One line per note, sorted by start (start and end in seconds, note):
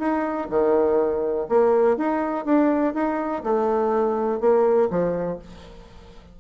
0.00 0.49 D#4
0.50 1.48 D#3
1.49 1.98 A#3
1.98 2.46 D#4
2.46 2.94 D4
2.94 3.43 D#4
3.44 4.41 A3
4.41 4.90 A#3
4.91 5.39 F3